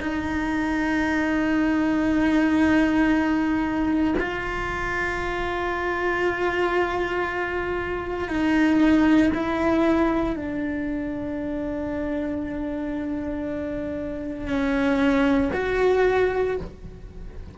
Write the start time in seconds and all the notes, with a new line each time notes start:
0.00 D#4
4.18 F4
8.28 D#4
9.34 E4
10.36 D4
14.47 C#4
15.53 F#4